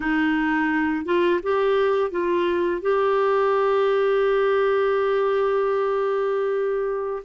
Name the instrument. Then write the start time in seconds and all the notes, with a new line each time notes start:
clarinet
0.00 D#4
1.05 F4
1.42 G4
2.10 F4
2.81 G4